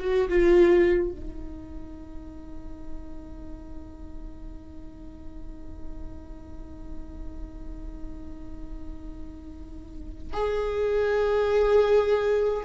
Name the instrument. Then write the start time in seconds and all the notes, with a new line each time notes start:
viola
0.00 F#4
0.29 F4
1.12 D#4
10.33 G#4